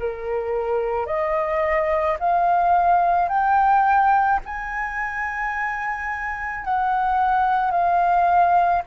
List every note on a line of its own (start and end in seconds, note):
0.00 1.07 A#4
1.07 2.18 D#5
2.20 3.29 F5
3.29 4.40 G5
4.46 6.65 G#5
6.65 7.71 F#5
7.71 8.82 F5